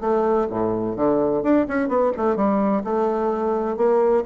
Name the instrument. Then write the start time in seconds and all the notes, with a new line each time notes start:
bassoon
0.00 A3
0.50 A2
0.96 D3
1.43 D4
1.68 C#4
1.88 B3
2.16 A3
2.36 G3
2.84 A3
3.76 A#3